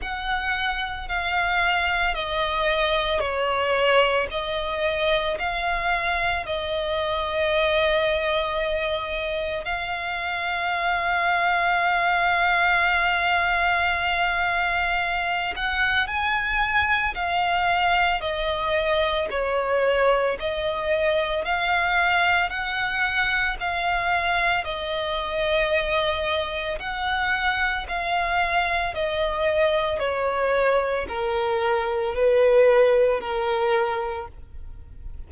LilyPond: \new Staff \with { instrumentName = "violin" } { \time 4/4 \tempo 4 = 56 fis''4 f''4 dis''4 cis''4 | dis''4 f''4 dis''2~ | dis''4 f''2.~ | f''2~ f''8 fis''8 gis''4 |
f''4 dis''4 cis''4 dis''4 | f''4 fis''4 f''4 dis''4~ | dis''4 fis''4 f''4 dis''4 | cis''4 ais'4 b'4 ais'4 | }